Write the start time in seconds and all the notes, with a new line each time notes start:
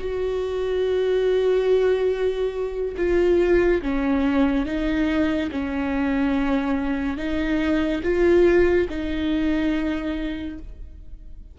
0.00 F#4
2.97 F4
3.82 C#4
4.66 D#4
5.52 C#4
7.18 D#4
8.04 F4
8.90 D#4